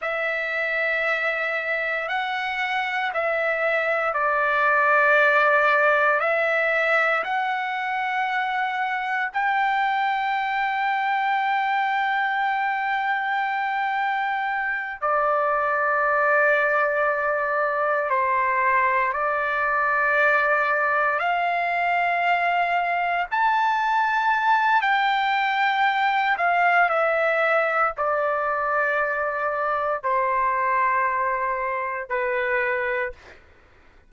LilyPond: \new Staff \with { instrumentName = "trumpet" } { \time 4/4 \tempo 4 = 58 e''2 fis''4 e''4 | d''2 e''4 fis''4~ | fis''4 g''2.~ | g''2~ g''8 d''4.~ |
d''4. c''4 d''4.~ | d''8 f''2 a''4. | g''4. f''8 e''4 d''4~ | d''4 c''2 b'4 | }